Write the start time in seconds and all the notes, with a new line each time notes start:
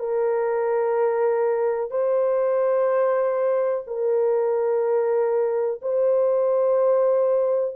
0.00 A#4
1.91 C5
3.88 A#4
5.82 C5